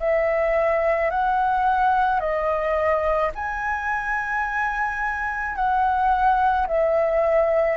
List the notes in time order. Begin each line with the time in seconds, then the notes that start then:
0.00 E5
1.11 F#5
2.20 D#5
3.35 G#5
5.56 F#5
6.67 E5